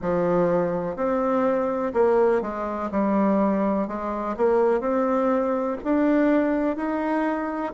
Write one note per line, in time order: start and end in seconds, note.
0.01 0.96 F3
0.96 1.93 C4
1.94 2.41 A#3
2.41 2.89 G#3
2.91 3.87 G3
3.87 4.35 G#3
4.36 4.80 A#3
4.80 5.77 C4
5.83 6.76 D4
6.76 7.73 D#4